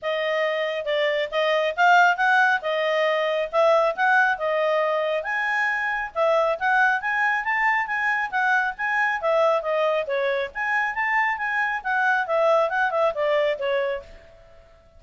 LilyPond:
\new Staff \with { instrumentName = "clarinet" } { \time 4/4 \tempo 4 = 137 dis''2 d''4 dis''4 | f''4 fis''4 dis''2 | e''4 fis''4 dis''2 | gis''2 e''4 fis''4 |
gis''4 a''4 gis''4 fis''4 | gis''4 e''4 dis''4 cis''4 | gis''4 a''4 gis''4 fis''4 | e''4 fis''8 e''8 d''4 cis''4 | }